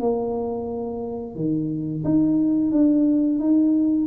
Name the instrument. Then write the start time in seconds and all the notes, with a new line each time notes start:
tuba
0.00 A#3
1.35 D#3
2.04 D#4
2.71 D4
3.39 D#4